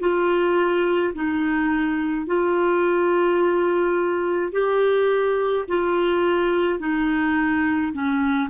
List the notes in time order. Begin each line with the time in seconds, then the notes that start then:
0.00 F4
1.14 D#4
2.26 F4
4.52 G4
5.68 F4
6.79 D#4
7.93 C#4